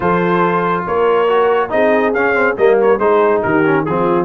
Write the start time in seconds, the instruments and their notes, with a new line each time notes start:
0.00 tuba F3, trombone F4, horn A4, trumpet C5
0.86 tuba A#3, horn A#4, trumpet C#5
1.28 trombone F#4
1.69 tuba C4, trombone D#4, horn G#4, trumpet D#5
2.13 tuba C#4, trombone C#4, trumpet F5
2.33 trombone C4
2.57 tuba G3, trombone A#3, horn A#4, trumpet D#5
2.81 trumpet C#5
2.98 tuba G#3, trombone D#4, horn G#4, trumpet C5
3.42 tuba D#3, horn G4, trumpet A#4
3.65 trombone C#4
3.85 tuba F3, trombone C4, horn F4, trumpet G#4